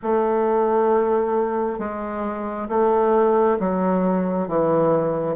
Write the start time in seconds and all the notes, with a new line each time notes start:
0.02 A3
1.78 G#3
2.68 A3
3.59 F#3
4.48 E3